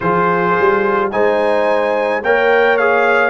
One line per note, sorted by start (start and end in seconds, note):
0.00 0.56 F3
0.00 1.11 F4
0.00 1.11 G#4
0.00 1.10 C5
0.59 1.12 G3
1.11 2.22 G#3
1.11 2.22 D#4
1.11 2.23 C5
1.11 2.22 G#5
2.22 3.29 A#3
2.22 2.79 A#4
2.22 3.29 C#5
2.22 2.77 G5
2.77 3.29 G#4
2.77 3.29 F5